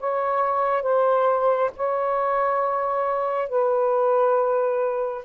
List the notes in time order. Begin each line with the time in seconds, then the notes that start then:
0.00 C#5
0.83 C5
1.76 C#5
3.49 B4